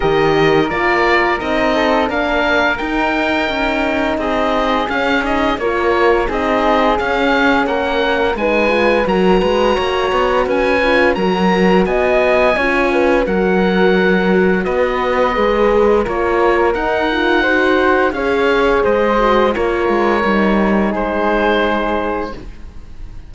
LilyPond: <<
  \new Staff \with { instrumentName = "oboe" } { \time 4/4 \tempo 4 = 86 dis''4 d''4 dis''4 f''4 | g''2 dis''4 f''8 dis''8 | cis''4 dis''4 f''4 fis''4 | gis''4 ais''2 gis''4 |
ais''4 gis''2 fis''4~ | fis''4 dis''2 cis''4 | fis''2 f''4 dis''4 | cis''2 c''2 | }
  \new Staff \with { instrumentName = "flute" } { \time 4/4 ais'2~ ais'8 a'8 ais'4~ | ais'2 gis'2 | ais'4 gis'2 ais'4 | b'4 ais'8 b'8 cis''4 b'4 |
ais'4 dis''4 cis''8 b'8 ais'4~ | ais'4 b'2 ais'4~ | ais'4 c''4 cis''4 c''4 | ais'2 gis'2 | }
  \new Staff \with { instrumentName = "horn" } { \time 4/4 g'4 f'4 dis'4 d'4 | dis'2. cis'8 dis'8 | f'4 dis'4 cis'2 | dis'8 f'8 fis'2~ fis'8 f'8 |
fis'2 f'4 fis'4~ | fis'2 gis'4 f'4 | dis'8 f'8 fis'4 gis'4. fis'8 | f'4 dis'2. | }
  \new Staff \with { instrumentName = "cello" } { \time 4/4 dis4 ais4 c'4 ais4 | dis'4 cis'4 c'4 cis'4 | ais4 c'4 cis'4 ais4 | gis4 fis8 gis8 ais8 b8 cis'4 |
fis4 b4 cis'4 fis4~ | fis4 b4 gis4 ais4 | dis'2 cis'4 gis4 | ais8 gis8 g4 gis2 | }
>>